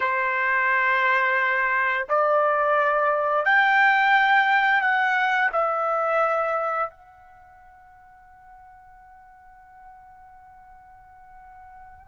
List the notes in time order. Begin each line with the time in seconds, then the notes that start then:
0.00 C5
2.08 D5
3.45 G5
4.81 F#5
5.52 E5
6.90 F#5